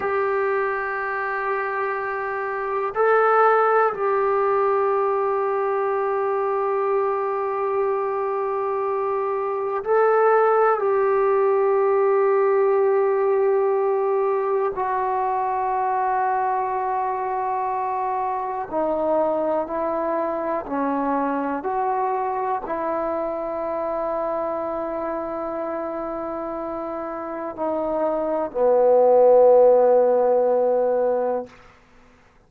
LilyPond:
\new Staff \with { instrumentName = "trombone" } { \time 4/4 \tempo 4 = 61 g'2. a'4 | g'1~ | g'2 a'4 g'4~ | g'2. fis'4~ |
fis'2. dis'4 | e'4 cis'4 fis'4 e'4~ | e'1 | dis'4 b2. | }